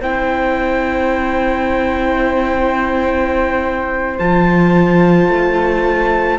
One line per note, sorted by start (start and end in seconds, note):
0.00 4.18 C4
0.00 4.19 E4
0.00 6.39 C5
0.00 4.19 G5
4.19 5.29 F3
4.19 6.39 F4
4.19 6.39 A5
5.29 6.39 A3